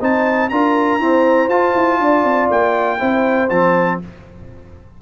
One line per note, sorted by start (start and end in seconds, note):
0.00 0.51 C4
0.00 0.51 D#4
0.00 0.50 C5
0.00 0.49 A5
0.49 1.00 D4
0.49 1.00 F4
0.49 1.02 A#4
0.49 1.49 A#5
1.00 1.50 C4
1.00 1.48 E4
1.00 1.99 C5
1.48 1.73 F4
1.48 2.99 F4
1.48 2.49 A5
1.75 1.99 E4
1.99 2.24 D4
1.99 2.99 D5
2.24 2.49 C4
2.50 3.00 A#3
2.50 3.49 G5
2.99 3.50 C4
2.99 3.49 E4
2.99 3.99 C5
3.49 4.00 F3
3.49 4.02 C4
3.49 3.99 A5